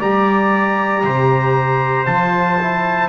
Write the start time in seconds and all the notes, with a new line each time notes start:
0.00 G3 G4 D5 A#5
1.04 C3 C5
2.06 F3 F4 A5
2.61 E4